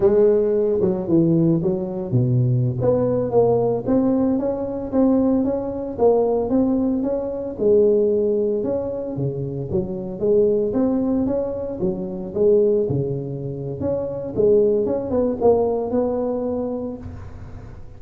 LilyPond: \new Staff \with { instrumentName = "tuba" } { \time 4/4 \tempo 4 = 113 gis4. fis8 e4 fis4 | b,4~ b,16 b4 ais4 c'8.~ | c'16 cis'4 c'4 cis'4 ais8.~ | ais16 c'4 cis'4 gis4.~ gis16~ |
gis16 cis'4 cis4 fis4 gis8.~ | gis16 c'4 cis'4 fis4 gis8.~ | gis16 cis4.~ cis16 cis'4 gis4 | cis'8 b8 ais4 b2 | }